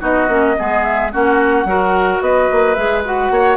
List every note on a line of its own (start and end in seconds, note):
0.00 0.28 B3
0.00 0.28 D#4
0.00 0.55 F#4
0.00 0.83 D#5
0.28 0.56 A#3
0.28 0.56 C#4
0.56 1.14 G#3
0.56 1.11 B3
0.56 1.12 G#4
0.83 1.11 E5
1.11 1.65 A#3
1.11 1.67 C#4
1.11 1.67 F#4
1.11 2.22 F#5
1.65 2.20 F#3
1.65 2.76 F#4
1.65 2.23 A#4
2.21 2.48 B3
2.21 3.32 B4
2.21 2.75 D#5
2.52 2.77 A#3
2.75 3.30 G#3
2.75 3.04 G#4
2.75 3.02 E5
3.04 3.57 F#4
3.04 3.57 F#5
3.30 3.57 A#3
3.30 3.57 C#5